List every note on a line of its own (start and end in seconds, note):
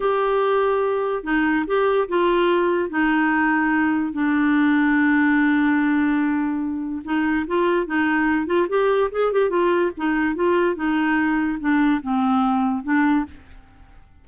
0.00 1.23 G4
1.23 1.65 D#4
1.66 2.08 G4
2.08 2.89 F4
2.89 4.12 D#4
4.12 7.02 D4
7.04 7.46 D#4
7.47 7.86 F4
7.86 8.46 D#4
8.46 8.67 F4
8.68 9.10 G4
9.11 9.32 G#4
9.32 9.49 G4
9.49 9.91 F4
9.97 10.35 D#4
10.35 10.75 F4
10.75 11.58 D#4
11.60 12.01 D4
12.02 12.83 C4
12.83 13.25 D4